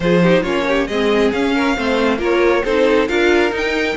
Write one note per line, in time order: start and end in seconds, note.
0.00 0.42 F3
0.00 0.22 F4
0.00 0.23 G#4
0.00 0.43 C5
0.22 0.44 D#4
0.22 0.42 G4
0.42 0.87 A#3
0.42 0.88 C#4
0.42 0.64 F4
0.42 0.87 C#5
0.67 0.88 G4
0.87 1.32 G#3
0.87 1.34 C4
0.87 1.54 G#4
0.87 1.31 D#5
1.32 1.77 C#4
1.32 1.76 C#4
1.32 2.20 F5
1.54 1.76 A#4
1.76 2.18 A3
1.76 2.18 C4
1.76 2.18 C5
2.18 2.62 A#3
2.18 2.62 F4
2.18 2.62 A#4
2.18 2.64 C#5
2.64 3.08 C4
2.64 3.08 D#4
2.64 3.08 A4
2.64 3.08 C5
3.08 3.52 D4
3.08 3.50 F4
3.08 3.96 A#4
3.08 3.52 F5
3.50 3.94 D#4
3.50 3.96 D#4
3.57 3.96 G5